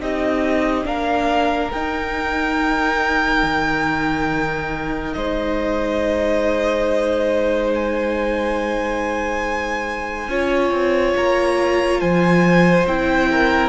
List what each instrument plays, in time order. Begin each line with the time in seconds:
0.00 cello C4, viola D#4, violin G4 D#5
0.84 cello A#3, viola D4, violin A#4 F5
1.71 cello D#4, viola D#4, violin G5
3.43 cello D#3
5.13 cello G#3, violin C5 D#5
7.74 violin G#5
10.28 cello C#4, viola F4, violin C#5
10.71 cello C4
11.17 cello A#3, violin A#5
12.01 cello F3, violin C5 G#5
12.87 cello C4, viola E4, violin G5
13.31 violin A#4